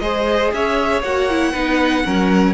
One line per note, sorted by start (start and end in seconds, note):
0.00 0.52 G#3
0.00 1.04 G#4
0.00 0.54 C5
0.00 0.51 D#5
0.53 1.03 C#4
0.53 1.53 C#5
0.53 1.03 E5
1.03 1.54 A#3
1.03 1.30 F#4
1.03 2.54 F#5
1.30 1.55 E4
1.53 2.05 B3
1.53 2.05 D#4
1.53 2.03 B4
2.05 2.54 F#3
2.05 2.54 C#4
2.05 2.54 A#4